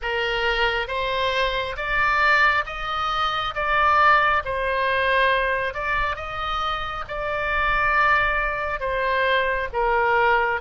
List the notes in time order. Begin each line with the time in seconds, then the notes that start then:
0.02 A#4
0.87 C5
1.76 D5
2.66 D#5
3.54 D5
4.44 C5
5.74 D5
6.16 D#5
7.07 D5
8.80 C5
9.72 A#4